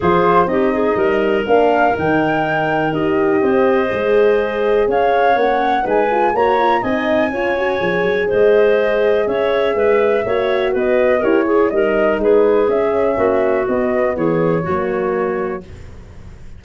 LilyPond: <<
  \new Staff \with { instrumentName = "flute" } { \time 4/4 \tempo 4 = 123 c''4 dis''2 f''4 | g''2 dis''2~ | dis''2 f''4 fis''4 | gis''4 ais''4 gis''2~ |
gis''4 dis''2 e''4~ | e''2 dis''4 cis''4 | dis''4 b'4 e''2 | dis''4 cis''2. | }
  \new Staff \with { instrumentName = "clarinet" } { \time 4/4 gis'4 g'8 gis'8 ais'2~ | ais'2. c''4~ | c''2 cis''2 | b'4 cis''4 dis''4 cis''4~ |
cis''4 c''2 cis''4 | b'4 cis''4 b'4 ais'8 gis'8 | ais'4 gis'2 fis'4~ | fis'4 gis'4 fis'2 | }
  \new Staff \with { instrumentName = "horn" } { \time 4/4 f'4 dis'2 d'4 | dis'2 g'2 | gis'2. cis'4 | dis'8 f'8 fis'8 f'8 dis'4 f'8 fis'8 |
gis'1~ | gis'4 fis'2 g'8 gis'8 | dis'2 cis'2 | b2 ais2 | }
  \new Staff \with { instrumentName = "tuba" } { \time 4/4 f4 c'4 g4 ais4 | dis2 dis'4 c'4 | gis2 cis'4 ais4 | gis4 ais4 c'4 cis'4 |
f8 fis8 gis2 cis'4 | gis4 ais4 b4 e'4 | g4 gis4 cis'4 ais4 | b4 e4 fis2 | }
>>